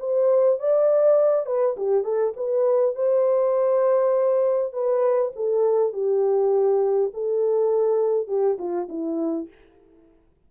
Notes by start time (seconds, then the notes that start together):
0.00 C5
0.59 D5
1.46 B4
1.77 G4
2.04 A4
2.37 B4
2.96 C5
4.73 B4
5.36 A4
5.93 G4
7.14 A4
8.28 G4
8.59 F4
8.89 E4